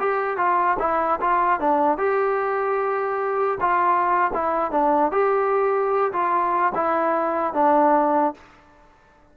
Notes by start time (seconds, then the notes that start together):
0.00 G4
0.38 F4
0.80 E4
1.21 F4
1.60 D4
1.98 G4
3.61 F4
4.34 E4
4.72 D4
5.12 G4
6.13 F4
6.75 E4
7.54 D4